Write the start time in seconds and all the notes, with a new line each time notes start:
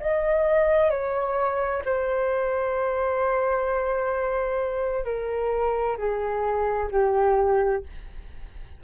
0.00 D#5
0.90 C#5
1.85 C5
5.05 A#4
5.97 G#4
6.91 G4